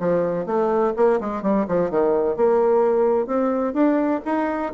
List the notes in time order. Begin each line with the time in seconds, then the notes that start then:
0.00 F3
0.46 A3
0.96 A#3
1.20 G#3
1.43 G3
1.68 F3
1.90 D#3
2.36 A#3
3.27 C4
3.74 D4
4.25 D#4